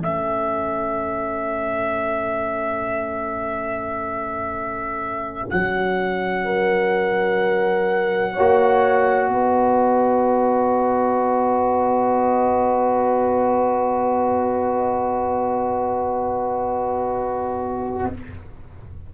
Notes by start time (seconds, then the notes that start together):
0.00 A3 C#4 A4 E5
5.50 F#3 F#5
6.44 A#4
8.33 A#3 F#4 C#5
9.28 B3 B4 D#5